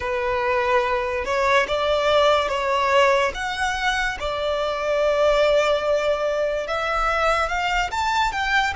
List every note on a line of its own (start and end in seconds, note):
0.00 1.24 B4
1.24 1.66 C#5
1.67 2.48 D5
2.48 3.31 C#5
3.34 4.17 F#5
4.19 6.67 D5
6.67 7.48 E5
7.48 7.90 F5
7.91 8.31 A5
8.31 8.73 G5